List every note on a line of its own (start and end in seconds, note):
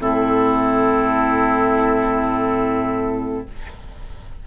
0.00 3.46 A2
0.00 3.47 C4
0.00 3.47 E4
0.00 3.47 A4